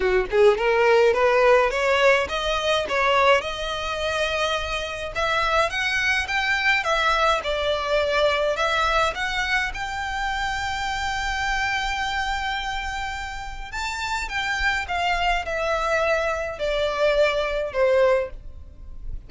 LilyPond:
\new Staff \with { instrumentName = "violin" } { \time 4/4 \tempo 4 = 105 fis'8 gis'8 ais'4 b'4 cis''4 | dis''4 cis''4 dis''2~ | dis''4 e''4 fis''4 g''4 | e''4 d''2 e''4 |
fis''4 g''2.~ | g''1 | a''4 g''4 f''4 e''4~ | e''4 d''2 c''4 | }